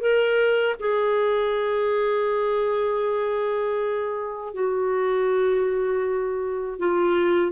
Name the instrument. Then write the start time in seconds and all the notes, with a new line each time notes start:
clarinet
0.00 A#4
0.79 G#4
4.53 F#4
6.79 F4